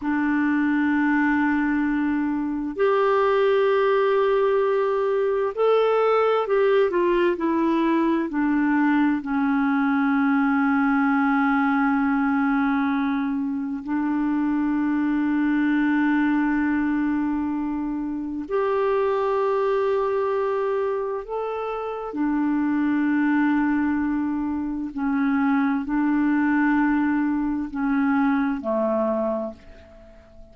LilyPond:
\new Staff \with { instrumentName = "clarinet" } { \time 4/4 \tempo 4 = 65 d'2. g'4~ | g'2 a'4 g'8 f'8 | e'4 d'4 cis'2~ | cis'2. d'4~ |
d'1 | g'2. a'4 | d'2. cis'4 | d'2 cis'4 a4 | }